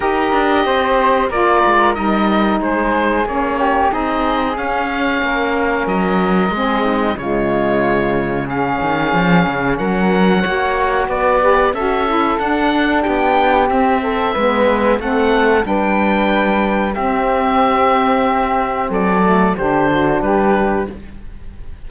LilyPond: <<
  \new Staff \with { instrumentName = "oboe" } { \time 4/4 \tempo 4 = 92 dis''2 d''4 dis''4 | c''4 cis''4 dis''4 f''4~ | f''4 dis''2 cis''4~ | cis''4 f''2 fis''4~ |
fis''4 d''4 e''4 fis''4 | g''4 e''2 fis''4 | g''2 e''2~ | e''4 d''4 c''4 b'4 | }
  \new Staff \with { instrumentName = "flute" } { \time 4/4 ais'4 c''4 ais'2 | gis'4. g'8 gis'2 | ais'2 gis'8 dis'8 f'4~ | f'4 gis'2 ais'4 |
cis''4 b'4 a'2 | g'4. a'8 b'4 a'4 | b'2 g'2~ | g'4 a'4 g'8 fis'8 g'4 | }
  \new Staff \with { instrumentName = "saxophone" } { \time 4/4 g'2 f'4 dis'4~ | dis'4 cis'4 dis'4 cis'4~ | cis'2 c'4 gis4~ | gis4 cis'2. |
fis'4. g'8 fis'8 e'8 d'4~ | d'4 c'4 b4 c'4 | d'2 c'2~ | c'4. a8 d'2 | }
  \new Staff \with { instrumentName = "cello" } { \time 4/4 dis'8 d'8 c'4 ais8 gis8 g4 | gis4 ais4 c'4 cis'4 | ais4 fis4 gis4 cis4~ | cis4. dis8 f8 cis8 fis4 |
ais4 b4 cis'4 d'4 | b4 c'4 gis4 a4 | g2 c'2~ | c'4 fis4 d4 g4 | }
>>